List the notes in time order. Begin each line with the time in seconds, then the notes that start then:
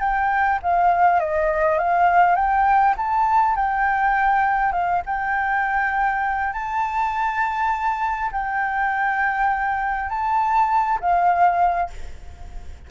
0.00 G5
0.63 F5
1.20 D#5
1.79 F5
2.35 G5
2.97 A5
3.56 G5
4.72 F5
5.06 G5
6.53 A5
8.32 G5
10.10 A5
11.01 F5